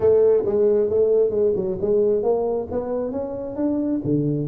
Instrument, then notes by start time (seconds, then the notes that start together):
tuba
0.00 A3
0.45 G#3
0.90 A3
1.30 G#3
1.55 F#3
1.81 G#3
2.22 A#3
2.71 B3
3.11 C#4
3.56 D4
4.04 D3